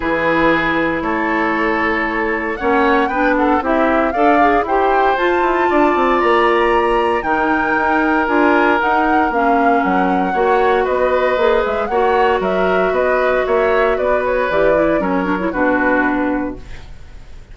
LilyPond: <<
  \new Staff \with { instrumentName = "flute" } { \time 4/4 \tempo 4 = 116 b'2 cis''2~ | cis''4 fis''4 g''8 fis''8 e''4 | f''4 g''4 a''2 | ais''2 g''2 |
gis''4 fis''4 f''4 fis''4~ | fis''4 dis''4. e''8 fis''4 | e''4 dis''4 e''4 d''8 cis''8 | d''4 cis''4 b'2 | }
  \new Staff \with { instrumentName = "oboe" } { \time 4/4 gis'2 a'2~ | a'4 cis''4 b'8 a'8 g'4 | d''4 c''2 d''4~ | d''2 ais'2~ |
ais'1 | cis''4 b'2 cis''4 | ais'4 b'4 cis''4 b'4~ | b'4 ais'4 fis'2 | }
  \new Staff \with { instrumentName = "clarinet" } { \time 4/4 e'1~ | e'4 cis'4 d'4 e'4 | a'8 gis'8 g'4 f'2~ | f'2 dis'2 |
f'4 dis'4 cis'2 | fis'2 gis'4 fis'4~ | fis'1 | g'8 e'8 cis'8 d'16 e'16 d'2 | }
  \new Staff \with { instrumentName = "bassoon" } { \time 4/4 e2 a2~ | a4 ais4 b4 c'4 | d'4 e'4 f'8 e'8 d'8 c'8 | ais2 dis4 dis'4 |
d'4 dis'4 ais4 fis4 | ais4 b4 ais8 gis8 ais4 | fis4 b4 ais4 b4 | e4 fis4 b,2 | }
>>